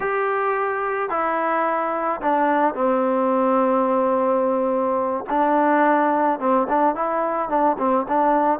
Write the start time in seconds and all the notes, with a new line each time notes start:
0.00 G4
1.09 E4
2.21 D4
2.74 C4
5.29 D4
6.39 C4
6.68 D4
6.95 E4
7.49 D4
7.78 C4
8.08 D4